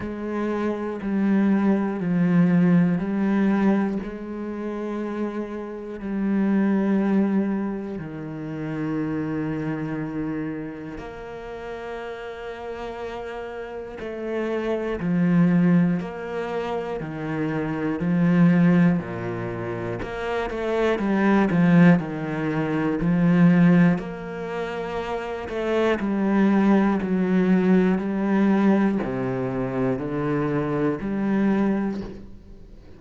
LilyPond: \new Staff \with { instrumentName = "cello" } { \time 4/4 \tempo 4 = 60 gis4 g4 f4 g4 | gis2 g2 | dis2. ais4~ | ais2 a4 f4 |
ais4 dis4 f4 ais,4 | ais8 a8 g8 f8 dis4 f4 | ais4. a8 g4 fis4 | g4 c4 d4 g4 | }